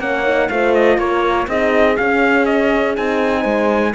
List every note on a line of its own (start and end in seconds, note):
0.00 0.49 A#3
0.00 0.25 C#4
0.00 0.50 C#5
0.00 0.49 F#5
0.25 0.49 D#4
0.49 0.98 A3
0.49 1.49 F4
0.49 0.99 C5
0.49 0.74 F5
0.74 0.99 D#5
0.98 1.47 A#3
0.98 1.47 A#4
0.98 1.48 C#5
1.47 1.97 C4
1.47 1.98 D#4
1.47 3.41 G#4
1.47 1.97 D#5
1.97 2.97 C#4
1.97 2.94 C#4
1.97 2.45 F5
2.45 2.95 D#5
2.94 3.45 C4
2.94 3.93 D#4
2.94 3.95 G#5
3.41 3.94 G#3
3.41 3.91 C5